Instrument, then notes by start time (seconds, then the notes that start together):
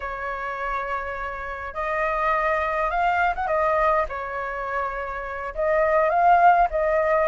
flute
0.00 C#5
1.73 D#5
2.90 F5
3.35 F#5
3.47 D#5
4.09 C#5
5.54 D#5
6.09 F5
6.70 D#5